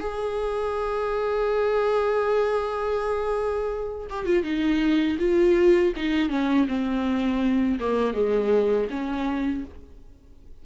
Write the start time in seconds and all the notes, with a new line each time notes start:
0.00 G#4
4.10 G4
4.26 F4
4.43 D#4
5.20 F4
5.96 D#4
6.30 C#4
6.68 C4
7.80 A#3
8.14 G#3
8.91 C#4